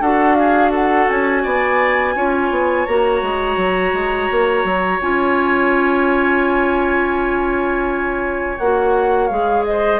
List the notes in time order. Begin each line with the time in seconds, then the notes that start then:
0.00 D4 F#4 A4 F#5
0.35 G#4 F5
0.71 A4 F#5
1.10 C#4 G#5
1.43 B3 D5
2.16 C#4 F4 C#5
2.51 B3
2.86 A#3 F#4 A#5
3.22 G#3
3.57 F#3
3.93 G#3
4.31 A#3
4.64 F#3
5.01 C#4 F4 G#5
8.58 A#3 F#4 F#5
9.28 G#3 G#4 F5
9.65 C5 D#5